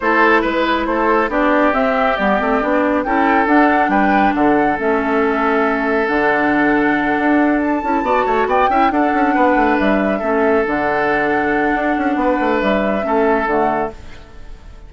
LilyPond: <<
  \new Staff \with { instrumentName = "flute" } { \time 4/4 \tempo 4 = 138 c''4 b'4 c''4 d''4 | e''4 d''2 g''4 | fis''4 g''4 fis''4 e''4~ | e''2 fis''2~ |
fis''4. a''2 g''8~ | g''8 fis''2 e''4.~ | e''8 fis''2.~ fis''8~ | fis''4 e''2 fis''4 | }
  \new Staff \with { instrumentName = "oboe" } { \time 4/4 a'4 b'4 a'4 g'4~ | g'2. a'4~ | a'4 b'4 a'2~ | a'1~ |
a'2~ a'8 d''8 cis''8 d''8 | e''8 a'4 b'2 a'8~ | a'1 | b'2 a'2 | }
  \new Staff \with { instrumentName = "clarinet" } { \time 4/4 e'2. d'4 | c'4 b8 c'8 d'4 e'4 | d'2. cis'4~ | cis'2 d'2~ |
d'2 e'8 fis'4. | e'8 d'2. cis'8~ | cis'8 d'2.~ d'8~ | d'2 cis'4 a4 | }
  \new Staff \with { instrumentName = "bassoon" } { \time 4/4 a4 gis4 a4 b4 | c'4 g8 a8 b4 cis'4 | d'4 g4 d4 a4~ | a2 d2~ |
d8 d'4. cis'8 b8 a8 b8 | cis'8 d'8 cis'8 b8 a8 g4 a8~ | a8 d2~ d8 d'8 cis'8 | b8 a8 g4 a4 d4 | }
>>